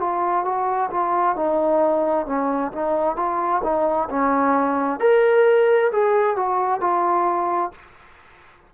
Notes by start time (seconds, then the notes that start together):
0.00 F4
0.45 F#4
0.91 F4
1.36 D#4
2.26 C#4
2.73 D#4
3.17 F4
3.64 D#4
4.10 C#4
5.00 A#4
5.92 G#4
6.36 F#4
6.81 F4